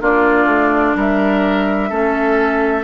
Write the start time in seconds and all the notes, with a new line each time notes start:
0.00 A#3 D4 F4 D5
0.45 A3
0.96 G3 A#4 E5
1.90 A3 C#4 A4